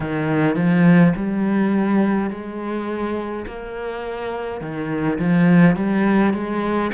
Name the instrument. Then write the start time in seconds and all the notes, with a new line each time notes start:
cello
0.00 D#3
0.55 F3
1.15 G3
2.30 G#3
3.46 A#3
4.60 D#3
5.19 F3
5.76 G3
6.33 G#3